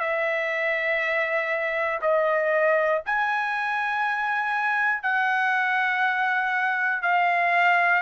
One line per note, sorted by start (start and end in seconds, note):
0.00 2.00 E5
2.02 3.02 D#5
3.06 5.03 G#5
5.03 7.03 F#5
7.03 8.02 F5